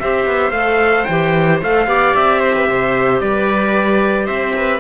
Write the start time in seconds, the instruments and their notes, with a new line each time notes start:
0.00 cello C4, clarinet G4, viola C5, trumpet E5
0.26 cello B3
0.51 cello A3, clarinet A4, trumpet F5
1.05 cello E3, clarinet G4, trumpet G5
1.62 cello A3, clarinet A4, trumpet F5
1.87 cello B3, clarinet G4, viola D5
2.15 cello C4, trumpet E5
2.40 viola C5
2.55 viola B4
2.69 cello C3, viola C5
3.21 cello G3, viola B4, trumpet D5
4.27 cello C4, viola C5, trumpet E5
4.56 viola B4